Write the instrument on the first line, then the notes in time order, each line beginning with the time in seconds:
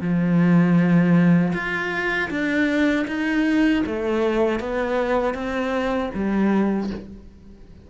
cello
0.00 F3
1.53 F4
2.30 D4
3.07 D#4
3.86 A3
4.59 B3
5.34 C4
6.14 G3